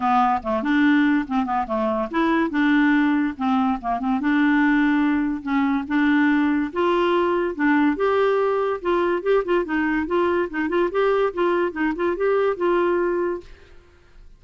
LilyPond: \new Staff \with { instrumentName = "clarinet" } { \time 4/4 \tempo 4 = 143 b4 a8 d'4. c'8 b8 | a4 e'4 d'2 | c'4 ais8 c'8 d'2~ | d'4 cis'4 d'2 |
f'2 d'4 g'4~ | g'4 f'4 g'8 f'8 dis'4 | f'4 dis'8 f'8 g'4 f'4 | dis'8 f'8 g'4 f'2 | }